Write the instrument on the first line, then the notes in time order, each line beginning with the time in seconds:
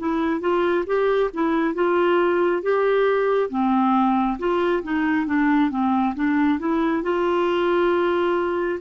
clarinet
0.00 E4
0.41 F4
0.87 G4
1.34 E4
1.75 F4
2.63 G4
3.50 C4
4.39 F4
4.84 D#4
5.27 D4
5.71 C4
6.16 D4
6.60 E4
7.03 F4